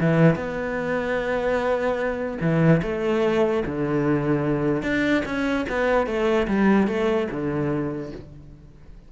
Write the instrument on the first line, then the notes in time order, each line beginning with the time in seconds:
cello
0.00 E3
0.35 B3
2.41 E3
2.82 A3
3.66 D3
4.83 D4
5.26 C#4
5.69 B3
6.06 A3
6.48 G3
6.87 A3
7.31 D3